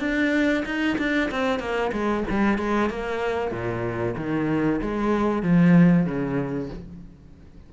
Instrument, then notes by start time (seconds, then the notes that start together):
cello
0.00 D4
0.65 D#4
0.98 D4
1.31 C4
1.60 A#3
1.92 G#3
2.30 G3
2.58 G#3
2.90 A#3
3.51 A#2
4.17 D#3
4.82 G#3
5.43 F3
6.06 C#3